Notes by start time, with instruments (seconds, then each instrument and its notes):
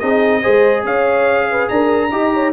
0.00 tuba C4, trombone D#4, horn G#4, trumpet D#5
0.43 tuba G#3, trombone G#4, horn C5
0.85 tuba C#4, horn C#5, trumpet F5
1.51 horn B4
1.69 tuba D4, horn A#4, trumpet A#5
2.12 tuba D#4, trombone G4, horn D#5
2.34 horn C#5